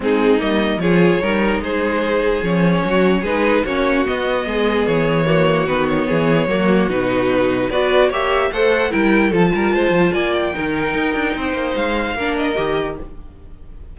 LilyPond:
<<
  \new Staff \with { instrumentName = "violin" } { \time 4/4 \tempo 4 = 148 gis'4 dis''4 cis''2 | c''2 cis''2 | b'4 cis''4 dis''2 | cis''2 b'8 cis''4.~ |
cis''4 b'2 d''4 | e''4 fis''4 g''4 a''4~ | a''4 gis''8 g''2~ g''8~ | g''4 f''4. dis''4. | }
  \new Staff \with { instrumentName = "violin" } { \time 4/4 dis'2 gis'4 ais'4 | gis'2. fis'4 | gis'4 fis'2 gis'4~ | gis'4 fis'2 gis'4 |
fis'2. b'4 | cis''4 c''4 ais'4 a'8 ais'8 | c''4 d''4 ais'2 | c''2 ais'2 | }
  \new Staff \with { instrumentName = "viola" } { \time 4/4 c'4 ais4 f'4 dis'4~ | dis'2 cis'2 | dis'4 cis'4 b2~ | b4 ais4 b2 |
ais4 dis'2 fis'4 | g'4 a'4 e'4 f'4~ | f'2 dis'2~ | dis'2 d'4 g'4 | }
  \new Staff \with { instrumentName = "cello" } { \time 4/4 gis4 g4 f4 g4 | gis2 f4 fis4 | gis4 ais4 b4 gis4 | e2 dis4 e4 |
fis4 b,2 b4 | ais4 a4 g4 f8 g8 | gis8 f8 ais4 dis4 dis'8 d'8 | c'8 ais8 gis4 ais4 dis4 | }
>>